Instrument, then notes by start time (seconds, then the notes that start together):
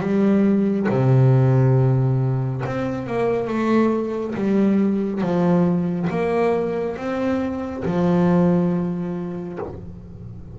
double bass
0.00 G3
0.90 C3
2.66 C4
3.07 A#3
3.47 A3
4.35 G3
5.21 F3
6.10 A#3
6.96 C4
7.85 F3